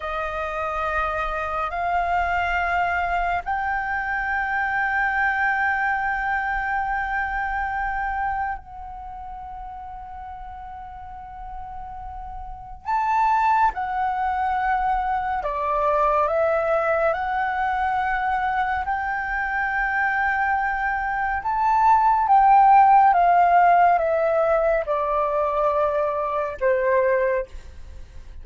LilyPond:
\new Staff \with { instrumentName = "flute" } { \time 4/4 \tempo 4 = 70 dis''2 f''2 | g''1~ | g''2 fis''2~ | fis''2. a''4 |
fis''2 d''4 e''4 | fis''2 g''2~ | g''4 a''4 g''4 f''4 | e''4 d''2 c''4 | }